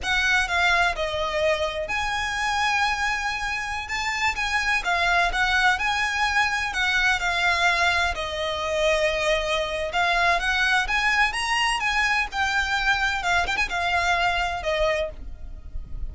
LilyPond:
\new Staff \with { instrumentName = "violin" } { \time 4/4 \tempo 4 = 127 fis''4 f''4 dis''2 | gis''1~ | gis''16 a''4 gis''4 f''4 fis''8.~ | fis''16 gis''2 fis''4 f''8.~ |
f''4~ f''16 dis''2~ dis''8.~ | dis''4 f''4 fis''4 gis''4 | ais''4 gis''4 g''2 | f''8 g''16 gis''16 f''2 dis''4 | }